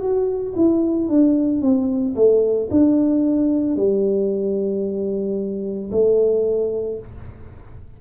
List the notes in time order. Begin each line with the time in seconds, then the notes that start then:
0.00 F#4
0.56 E4
1.09 D4
1.61 C4
2.15 A3
2.70 D4
3.76 G3
5.91 A3